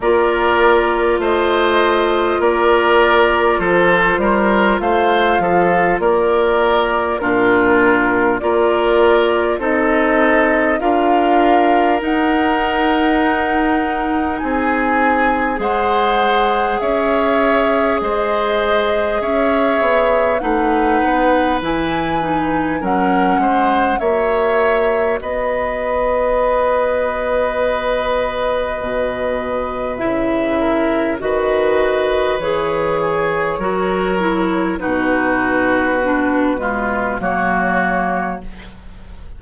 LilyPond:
<<
  \new Staff \with { instrumentName = "flute" } { \time 4/4 \tempo 4 = 50 d''4 dis''4 d''4 c''4 | f''4 d''4 ais'4 d''4 | dis''4 f''4 fis''2 | gis''4 fis''4 e''4 dis''4 |
e''4 fis''4 gis''4 fis''4 | e''4 dis''2.~ | dis''4 e''4 dis''4 cis''4~ | cis''4 b'2 cis''4 | }
  \new Staff \with { instrumentName = "oboe" } { \time 4/4 ais'4 c''4 ais'4 a'8 ais'8 | c''8 a'8 ais'4 f'4 ais'4 | a'4 ais'2. | gis'4 c''4 cis''4 c''4 |
cis''4 b'2 ais'8 c''8 | cis''4 b'2.~ | b'4. ais'8 b'4. gis'8 | ais'4 fis'4. f'8 fis'4 | }
  \new Staff \with { instrumentName = "clarinet" } { \time 4/4 f'1~ | f'2 d'4 f'4 | dis'4 f'4 dis'2~ | dis'4 gis'2.~ |
gis'4 dis'4 e'8 dis'8 cis'4 | fis'1~ | fis'4 e'4 fis'4 gis'4 | fis'8 e'8 dis'4 d'8 gis8 ais4 | }
  \new Staff \with { instrumentName = "bassoon" } { \time 4/4 ais4 a4 ais4 f8 g8 | a8 f8 ais4 ais,4 ais4 | c'4 d'4 dis'2 | c'4 gis4 cis'4 gis4 |
cis'8 b8 a8 b8 e4 fis8 gis8 | ais4 b2. | b,4 cis4 dis4 e4 | fis4 b,2 fis4 | }
>>